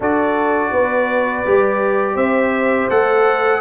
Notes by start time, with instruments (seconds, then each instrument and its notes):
0.00 tuba D4, trombone F#4, horn A4, trumpet D5
0.71 tuba B3, horn B4
1.45 tuba G3, trombone G4
2.15 tuba C4, horn C5, trumpet E5
2.89 tuba A3, trombone A4, trumpet F#5